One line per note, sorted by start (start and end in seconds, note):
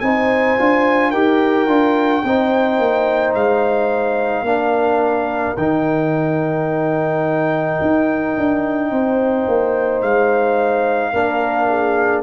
0.00 0.57 C4
0.00 0.58 D#4
0.00 1.11 C5
0.00 1.11 G#5
0.58 1.12 D4
0.58 1.13 F4
1.11 1.67 D#4
1.11 1.67 G4
1.11 2.22 A#4
1.11 3.33 G5
1.67 2.23 D4
1.67 2.23 F4
2.24 2.79 C4
2.24 4.45 D#4
2.24 4.47 C5
2.79 3.34 A#3
3.34 4.42 G#3
3.34 5.56 F5
4.42 5.53 A#3
4.42 5.56 D4
4.42 8.91 A#4
5.56 7.79 D#3
5.56 11.13 D#4
5.56 10.01 G5
7.81 8.37 D#4
8.37 8.91 D4
8.91 9.46 C4
8.91 11.12 C5
9.47 10.02 A#3
10.01 11.13 G#3
10.01 12.23 F5
11.12 12.23 A#3
11.12 12.23 D4
11.12 11.68 A#4
11.69 12.23 G#4